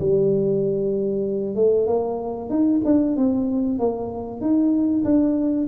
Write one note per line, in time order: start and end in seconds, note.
0.00 1.56 G3
1.56 1.87 A3
1.87 2.50 A#3
2.50 2.81 D#4
2.85 3.17 D4
3.17 3.79 C4
3.79 4.41 A#3
4.41 5.04 D#4
5.05 5.68 D4